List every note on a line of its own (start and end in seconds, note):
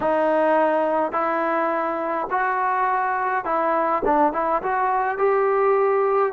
0.00 1.12 D#4
1.12 2.27 E4
2.30 3.45 F#4
3.45 4.02 E4
4.04 4.33 D4
4.33 4.62 E4
4.62 5.18 F#4
5.18 6.33 G4